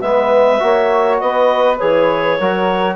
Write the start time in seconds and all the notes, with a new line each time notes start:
0.00 G#3 B3 B4 E5
0.59 A#3 F#4 C#5
1.19 B3 B4 D#5
1.78 E3 G#4 C#5
2.36 F#3 F#4 A#4